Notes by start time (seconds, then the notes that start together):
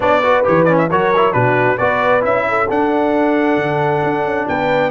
0.00 B3 D4 C#5 D5
0.22 F#4 B4
0.44 E3 G4 C#5
0.64 C#4 D5
0.78 E5
0.90 F#3 F#4 A#4 C#5
1.16 E4
1.32 B2 D4 F#4 B4
1.77 B3 F#4 B4 D5
2.21 C#4 E4 E5
2.48 A4
2.69 D4 F#5
3.56 D3
4.03 D4
4.24 C#4
4.48 B3 B4 G5